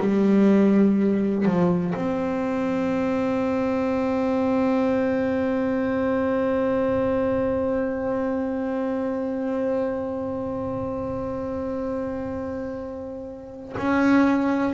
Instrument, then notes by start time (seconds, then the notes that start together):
double bass
0.00 G3
1.45 F3
1.94 C4
13.77 C#4